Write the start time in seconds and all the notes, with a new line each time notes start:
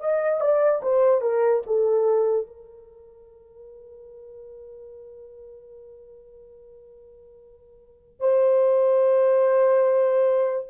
0.00 D#5
0.40 D5
0.83 C5
1.22 A#4
1.67 A4
2.47 A#4
8.20 C5